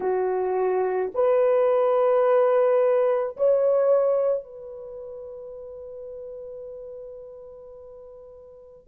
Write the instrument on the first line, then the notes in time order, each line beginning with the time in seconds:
horn
0.00 F#4
1.14 B4
3.36 C#5
4.43 B4